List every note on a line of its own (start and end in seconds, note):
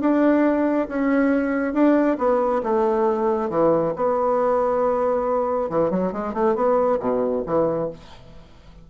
0.00 0.88 D4
0.88 1.73 C#4
1.73 2.17 D4
2.18 2.62 B3
2.63 3.49 A3
3.49 3.93 E3
3.96 5.69 B3
5.69 5.90 E3
5.90 6.12 F#3
6.12 6.33 G#3
6.33 6.55 A3
6.55 6.99 B3
6.99 7.43 B2
7.46 7.90 E3